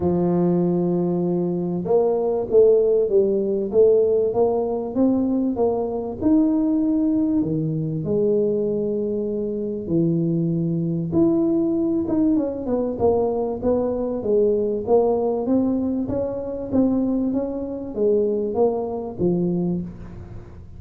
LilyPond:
\new Staff \with { instrumentName = "tuba" } { \time 4/4 \tempo 4 = 97 f2. ais4 | a4 g4 a4 ais4 | c'4 ais4 dis'2 | dis4 gis2. |
e2 e'4. dis'8 | cis'8 b8 ais4 b4 gis4 | ais4 c'4 cis'4 c'4 | cis'4 gis4 ais4 f4 | }